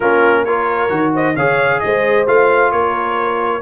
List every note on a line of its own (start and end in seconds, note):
0.00 0.90 A#3
0.00 0.47 C#4
0.00 0.44 F4
0.00 0.44 A#4
0.45 0.89 F4
0.45 1.13 A#4
0.45 1.13 C#5
0.89 1.36 D#3
0.89 1.34 F#4
1.13 1.35 C5
1.13 1.36 D#5
1.35 1.81 C#3
1.35 2.27 G#4
1.35 1.80 C#5
1.35 1.80 F5
1.80 2.27 G#3
1.80 2.72 C5
1.80 2.25 D#5
2.27 2.72 A3
2.27 3.61 F4
2.27 2.71 F5
2.71 3.61 A#3
2.71 3.61 A#4
2.71 3.61 C#5